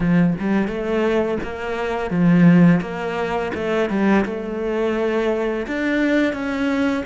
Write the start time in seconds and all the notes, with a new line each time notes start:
0.00 F3
0.39 G3
0.67 A3
1.43 A#3
2.10 F3
2.80 A#3
3.54 A3
3.89 G3
4.25 A3
5.67 D4
6.33 C#4